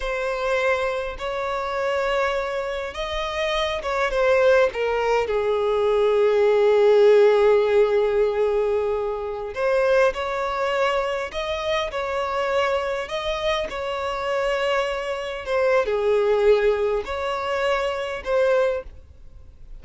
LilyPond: \new Staff \with { instrumentName = "violin" } { \time 4/4 \tempo 4 = 102 c''2 cis''2~ | cis''4 dis''4. cis''8 c''4 | ais'4 gis'2.~ | gis'1~ |
gis'16 c''4 cis''2 dis''8.~ | dis''16 cis''2 dis''4 cis''8.~ | cis''2~ cis''16 c''8. gis'4~ | gis'4 cis''2 c''4 | }